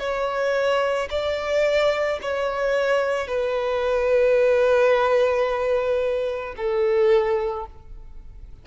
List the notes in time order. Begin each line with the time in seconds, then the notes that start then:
0.00 C#5
1.11 D5
2.22 C#5
3.28 B4
6.57 A4